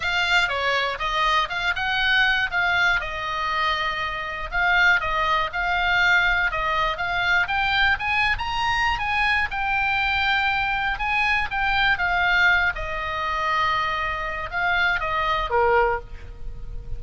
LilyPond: \new Staff \with { instrumentName = "oboe" } { \time 4/4 \tempo 4 = 120 f''4 cis''4 dis''4 f''8 fis''8~ | fis''4 f''4 dis''2~ | dis''4 f''4 dis''4 f''4~ | f''4 dis''4 f''4 g''4 |
gis''8. ais''4~ ais''16 gis''4 g''4~ | g''2 gis''4 g''4 | f''4. dis''2~ dis''8~ | dis''4 f''4 dis''4 ais'4 | }